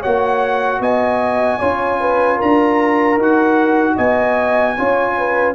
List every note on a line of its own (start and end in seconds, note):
0.00 0.80 A#3
0.00 1.61 F#4
0.00 0.79 C#5
0.00 0.82 F#5
0.80 1.59 B3
0.80 1.59 D#5
0.80 2.40 G#5
1.59 2.41 C#4
1.59 3.19 F4
1.59 1.99 C#5
2.00 2.37 B4
2.37 3.17 D4
2.37 3.95 A#4
2.37 3.20 A#5
3.17 3.96 D#4
3.17 4.77 F#4
3.17 3.98 F#5
3.96 4.77 B3
3.96 4.75 D#5
3.96 5.55 G#5
4.77 5.55 C#4
4.77 5.55 F4
4.77 5.17 C#5
5.18 5.55 B4